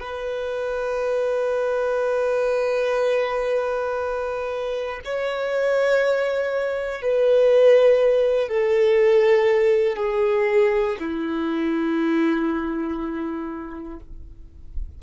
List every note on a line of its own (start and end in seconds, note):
0.00 5.00 B4
5.05 7.01 C#5
7.01 8.48 B4
8.48 9.96 A4
9.96 10.96 G#4
10.99 13.99 E4